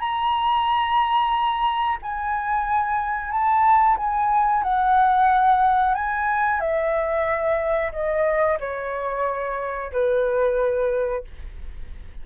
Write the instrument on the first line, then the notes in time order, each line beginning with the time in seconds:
flute
0.00 A#5
2.02 G#5
3.31 A5
3.97 G#5
4.63 F#5
5.94 G#5
6.60 E5
7.92 D#5
8.60 C#5
9.92 B4